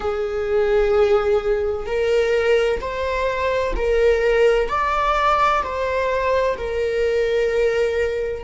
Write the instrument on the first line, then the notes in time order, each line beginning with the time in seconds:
viola
0.00 G#4
1.86 A#4
2.80 C5
3.76 A#4
4.68 D5
5.62 C5
6.57 A#4